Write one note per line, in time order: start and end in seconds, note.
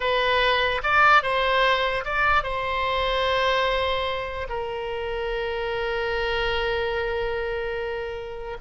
0.00 0.81 B4
0.83 1.22 D5
1.22 2.04 C5
2.04 2.43 D5
2.43 4.47 C5
4.49 8.57 A#4